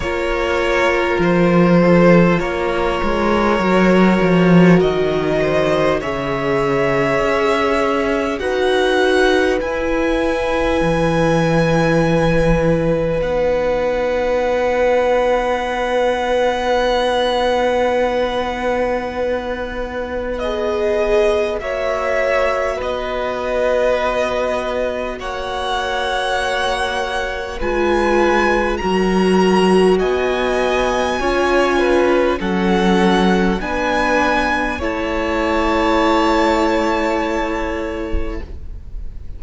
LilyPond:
<<
  \new Staff \with { instrumentName = "violin" } { \time 4/4 \tempo 4 = 50 cis''4 c''4 cis''2 | dis''4 e''2 fis''4 | gis''2. fis''4~ | fis''1~ |
fis''4 dis''4 e''4 dis''4~ | dis''4 fis''2 gis''4 | ais''4 gis''2 fis''4 | gis''4 a''2. | }
  \new Staff \with { instrumentName = "violin" } { \time 4/4 ais'4. a'8 ais'2~ | ais'8 c''8 cis''2 b'4~ | b'1~ | b'1~ |
b'2 cis''4 b'4~ | b'4 cis''2 b'4 | ais'4 dis''4 cis''8 b'8 a'4 | b'4 cis''2. | }
  \new Staff \with { instrumentName = "viola" } { \time 4/4 f'2. fis'4~ | fis'4 gis'2 fis'4 | e'2. dis'4~ | dis'1~ |
dis'4 gis'4 fis'2~ | fis'2. f'4 | fis'2 f'4 cis'4 | d'4 e'2. | }
  \new Staff \with { instrumentName = "cello" } { \time 4/4 ais4 f4 ais8 gis8 fis8 f8 | dis4 cis4 cis'4 dis'4 | e'4 e2 b4~ | b1~ |
b2 ais4 b4~ | b4 ais2 gis4 | fis4 b4 cis'4 fis4 | b4 a2. | }
>>